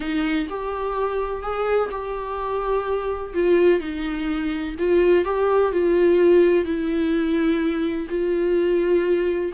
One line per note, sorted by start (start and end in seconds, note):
0.00 0.47 D#4
0.49 1.42 G4
1.42 1.90 G#4
1.90 3.33 G4
3.33 3.80 F4
3.80 4.75 D#4
4.78 5.24 F4
5.24 5.72 G4
5.72 6.65 F4
6.65 8.07 E4
8.09 9.52 F4